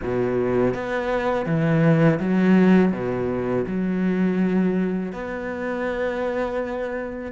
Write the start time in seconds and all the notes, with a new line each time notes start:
0.03 B2
0.74 B3
1.46 E3
2.20 F#3
2.92 B2
3.66 F#3
5.12 B3